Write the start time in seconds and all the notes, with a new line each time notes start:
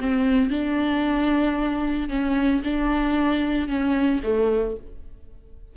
0.00 C4
0.50 D4
2.09 C#4
2.64 D4
3.68 C#4
4.23 A3